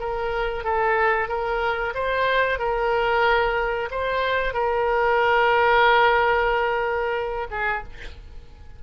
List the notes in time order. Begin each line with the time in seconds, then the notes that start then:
0.00 A#4
0.64 A4
1.29 A#4
1.95 C5
2.59 A#4
3.91 C5
4.54 A#4
7.51 G#4